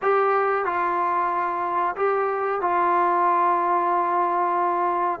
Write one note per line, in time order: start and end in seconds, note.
0.02 0.65 G4
0.65 1.95 F4
1.96 2.61 G4
2.61 5.20 F4